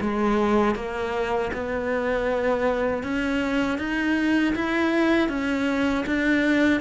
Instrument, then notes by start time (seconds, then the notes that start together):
cello
0.00 G#3
0.75 A#3
1.53 B3
3.03 C#4
3.78 D#4
4.55 E4
5.29 C#4
6.06 D4